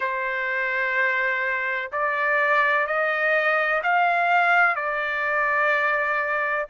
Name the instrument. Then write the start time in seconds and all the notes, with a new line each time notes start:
trumpet
0.00 C5
1.91 D5
2.86 D#5
3.83 F5
4.75 D5